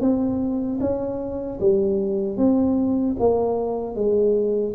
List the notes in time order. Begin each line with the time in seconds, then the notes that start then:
0.00 C4
0.80 C#4
1.60 G3
2.37 C4
3.19 A#3
3.95 G#3